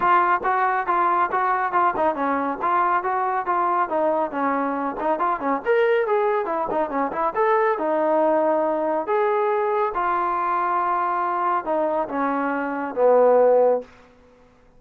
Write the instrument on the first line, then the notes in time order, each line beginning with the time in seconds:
trombone
0.00 F4
0.43 F#4
0.86 F4
1.31 F#4
1.72 F4
1.96 D#4
2.15 C#4
2.61 F4
3.03 F#4
3.46 F4
3.89 D#4
4.31 C#4
5.00 D#4
5.19 F4
5.40 C#4
5.65 A#4
6.06 G#4
6.45 E4
6.70 D#4
6.90 C#4
7.12 E4
7.35 A4
7.78 D#4
9.06 G#4
9.94 F4
11.64 D#4
12.08 C#4
12.95 B3